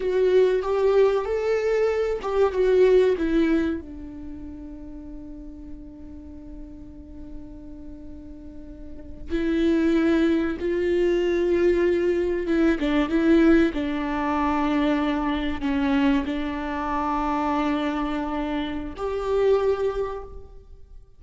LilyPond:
\new Staff \with { instrumentName = "viola" } { \time 4/4 \tempo 4 = 95 fis'4 g'4 a'4. g'8 | fis'4 e'4 d'2~ | d'1~ | d'2~ d'8. e'4~ e'16~ |
e'8. f'2. e'16~ | e'16 d'8 e'4 d'2~ d'16~ | d'8. cis'4 d'2~ d'16~ | d'2 g'2 | }